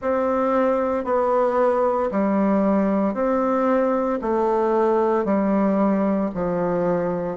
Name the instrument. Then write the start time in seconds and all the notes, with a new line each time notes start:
bassoon
0.01 C4
1.04 B3
2.11 G3
3.13 C4
4.21 A3
5.24 G3
6.34 F3